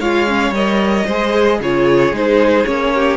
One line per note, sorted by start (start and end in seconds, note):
0.00 0.51 G#3
0.00 0.27 F4
0.00 1.06 C#5
0.00 0.54 F5
0.27 0.54 C#4
0.51 1.04 G3
0.51 1.09 A#4
0.51 1.61 D#5
1.06 1.60 G#3
1.06 1.63 G#4
1.06 1.60 C5
1.60 2.12 C#3
1.60 2.13 F4
1.60 2.94 G#4
1.60 2.16 C#5
2.12 2.65 G#3
2.12 2.65 D#4
2.12 2.66 C5
2.65 3.17 A#3
2.65 3.17 C#4
2.65 3.17 C#5
2.95 3.17 G4